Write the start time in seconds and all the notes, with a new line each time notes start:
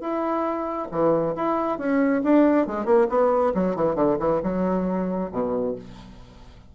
0.00 E4
0.91 E3
1.35 E4
1.78 C#4
2.23 D4
2.67 G#3
2.85 A#3
3.09 B3
3.54 F#3
3.75 E3
3.95 D3
4.19 E3
4.43 F#3
5.31 B2